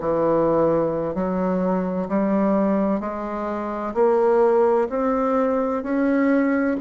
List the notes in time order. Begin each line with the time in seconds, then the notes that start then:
0.00 E3
1.15 F#3
2.08 G3
3.00 G#3
3.94 A#3
4.90 C4
5.83 C#4